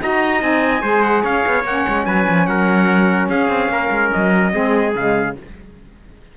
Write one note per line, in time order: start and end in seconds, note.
0.00 0.41 D#4
0.00 0.41 F#4
0.00 0.81 D#5
0.00 0.42 A#5
0.41 0.82 C4
0.41 0.81 D#4
0.41 1.03 G#5
0.81 1.23 G#3
0.81 1.64 G#4
0.81 1.22 C5
1.03 1.23 F#5
1.23 1.44 C#4
1.23 2.05 C#5
1.23 1.65 F5
1.46 1.64 B3
1.64 1.85 A#3
1.64 4.52 C#4
1.64 2.06 F#5
1.88 2.06 G#3
2.06 2.27 F#3
2.06 2.48 B4
2.06 2.46 G#5
2.28 2.47 F3
2.46 3.29 F#3
2.46 3.30 A#4
2.46 3.29 F#5
3.29 3.48 C#4
3.29 3.71 G#4
3.29 4.11 F5
3.48 3.69 C4
3.69 3.89 A#3
3.69 4.54 A#4
3.90 4.11 G#3
4.12 4.54 F#3
4.12 4.94 D#5
4.52 4.95 G#3
4.52 4.93 C4
4.52 5.36 G#4
4.95 5.36 C#3
4.95 5.37 G#3
4.95 5.36 F5